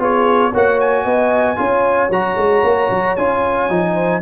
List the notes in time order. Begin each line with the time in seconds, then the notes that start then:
0.00 B3 F4 G#4 C#5
0.51 A#3 F#4 C#5 F#5
0.81 G#5
1.04 B3 D#5
1.57 C#4 F4 C#5
2.10 F#3 F#4 A#5
2.37 G#3
2.64 A#3
2.91 F#3
3.17 C#4 F4 G#5
3.70 F3 D#4
3.94 C5